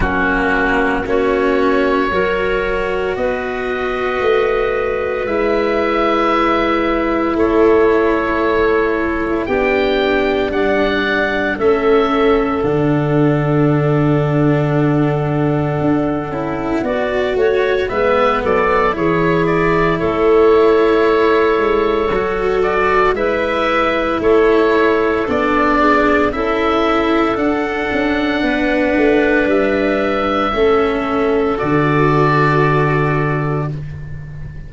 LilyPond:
<<
  \new Staff \with { instrumentName = "oboe" } { \time 4/4 \tempo 4 = 57 fis'4 cis''2 dis''4~ | dis''4 e''2 cis''4~ | cis''4 g''4 fis''4 e''4 | fis''1~ |
fis''4 e''8 d''8 cis''8 d''8 cis''4~ | cis''4. d''8 e''4 cis''4 | d''4 e''4 fis''2 | e''2 d''2 | }
  \new Staff \with { instrumentName = "clarinet" } { \time 4/4 cis'4 fis'4 ais'4 b'4~ | b'2. a'4~ | a'4 g'4 d''4 a'4~ | a'1 |
d''8 cis''8 b'8 a'8 gis'4 a'4~ | a'2 b'4 a'4~ | a'8 gis'8 a'2 b'4~ | b'4 a'2. | }
  \new Staff \with { instrumentName = "cello" } { \time 4/4 ais4 cis'4 fis'2~ | fis'4 e'2.~ | e'4 d'2 cis'4 | d'2.~ d'8 e'8 |
fis'4 b4 e'2~ | e'4 fis'4 e'2 | d'4 e'4 d'2~ | d'4 cis'4 fis'2 | }
  \new Staff \with { instrumentName = "tuba" } { \time 4/4 fis4 ais4 fis4 b4 | a4 gis2 a4~ | a4 b4 g4 a4 | d2. d'8 cis'8 |
b8 a8 gis8 fis8 e4 a4~ | a8 gis8 fis4 gis4 a4 | b4 cis'4 d'8 cis'8 b8 a8 | g4 a4 d2 | }
>>